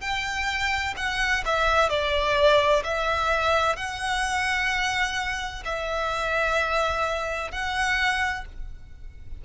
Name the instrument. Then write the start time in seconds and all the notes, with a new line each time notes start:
violin
0.00 G5
0.96 F#5
1.45 E5
1.89 D5
2.83 E5
3.76 F#5
5.65 E5
7.51 F#5